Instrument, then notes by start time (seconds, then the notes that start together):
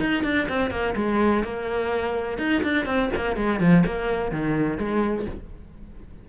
cello
0.00 D#4
0.23 D4
0.49 C4
0.71 A#3
0.96 G#3
1.44 A#3
2.38 D#4
2.63 D4
2.86 C4
3.15 A#3
3.36 G#3
3.60 F3
3.86 A#3
4.31 D#3
4.78 G#3